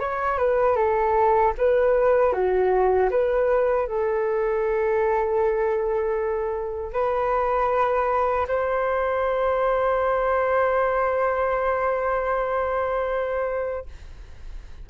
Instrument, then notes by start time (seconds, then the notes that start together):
flute
0.00 C#5
0.38 B4
0.77 A4
1.58 B4
2.33 F#4
3.11 B4
3.87 A4
6.93 B4
8.48 C5